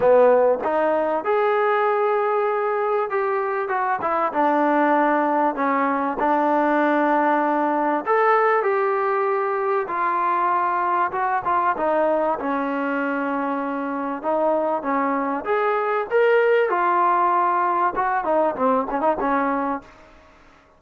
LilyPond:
\new Staff \with { instrumentName = "trombone" } { \time 4/4 \tempo 4 = 97 b4 dis'4 gis'2~ | gis'4 g'4 fis'8 e'8 d'4~ | d'4 cis'4 d'2~ | d'4 a'4 g'2 |
f'2 fis'8 f'8 dis'4 | cis'2. dis'4 | cis'4 gis'4 ais'4 f'4~ | f'4 fis'8 dis'8 c'8 cis'16 dis'16 cis'4 | }